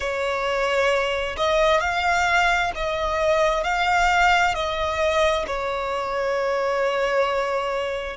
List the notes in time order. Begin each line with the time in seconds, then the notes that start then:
0.00 C#5
1.36 D#5
1.80 F5
2.75 D#5
3.63 F5
4.54 D#5
5.46 C#5